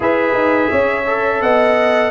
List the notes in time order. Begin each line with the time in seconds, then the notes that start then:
0.00 E4 G#4 B4 E5
0.33 D#4
0.70 C#4 C#5
1.06 A4
1.41 B3 D#5 F#5